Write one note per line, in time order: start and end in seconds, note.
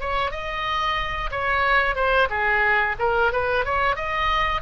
0.00 0.31 C#5
0.31 1.30 D#5
1.31 1.95 C#5
1.95 2.28 C5
2.30 2.96 G#4
2.99 3.32 A#4
3.32 3.65 B4
3.65 3.96 C#5
3.96 4.62 D#5